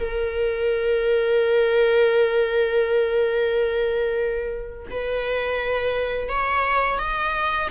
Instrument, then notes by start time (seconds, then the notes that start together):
viola
0.00 A#4
4.90 B4
6.29 C#5
6.99 D#5